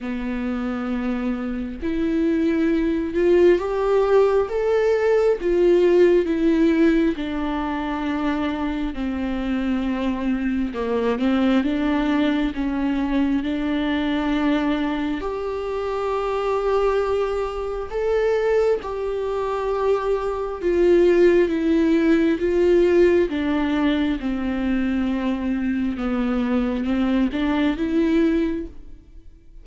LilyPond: \new Staff \with { instrumentName = "viola" } { \time 4/4 \tempo 4 = 67 b2 e'4. f'8 | g'4 a'4 f'4 e'4 | d'2 c'2 | ais8 c'8 d'4 cis'4 d'4~ |
d'4 g'2. | a'4 g'2 f'4 | e'4 f'4 d'4 c'4~ | c'4 b4 c'8 d'8 e'4 | }